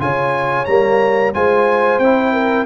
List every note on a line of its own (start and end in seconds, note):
0.00 0.67 C#3
0.00 0.67 F4
0.00 1.36 C#5
0.00 0.66 G#5
0.66 1.34 G3
0.66 1.34 A#3
0.66 1.32 A#5
1.34 1.99 G#3
1.34 2.01 F4
1.34 2.33 C5
1.34 1.99 G#5
1.99 2.66 C4
1.99 2.66 E4
1.99 2.66 G5
2.33 2.66 A#4